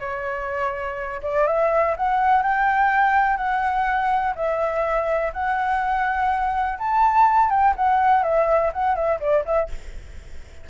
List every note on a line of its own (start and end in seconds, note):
0.00 1.21 C#5
1.23 1.47 D5
1.47 1.95 E5
1.96 2.43 F#5
2.43 3.37 G5
3.37 4.34 F#5
4.35 5.32 E5
5.33 6.78 F#5
6.79 7.50 A5
7.50 7.74 G5
7.76 8.23 F#5
8.23 8.71 E5
8.73 8.95 F#5
8.95 9.20 E5
9.20 9.44 D5
9.45 9.69 E5